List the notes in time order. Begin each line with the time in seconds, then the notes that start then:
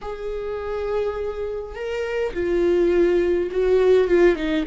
0.01 G#4
1.75 A#4
2.33 F4
3.51 F#4
4.07 F4
4.35 D#4